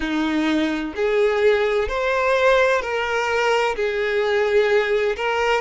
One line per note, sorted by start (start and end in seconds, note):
0.00 0.94 D#4
0.95 1.88 G#4
1.88 2.81 C5
2.81 3.75 A#4
3.75 5.16 G#4
5.16 5.61 A#4